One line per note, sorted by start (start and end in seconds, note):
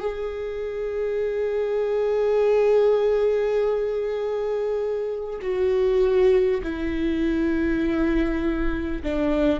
0.00 5.40 G#4
5.42 6.62 F#4
6.63 9.03 E4
9.03 9.60 D4